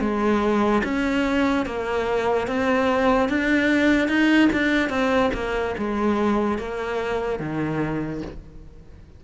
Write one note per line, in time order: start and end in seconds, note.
0.00 0.82 G#3
0.83 1.66 C#4
1.66 2.47 A#3
2.47 3.29 C4
3.29 4.08 D4
4.08 4.49 D#4
4.52 4.89 D4
4.89 5.30 C4
5.33 5.75 A#3
5.78 6.58 G#3
6.58 7.39 A#3
7.39 8.21 D#3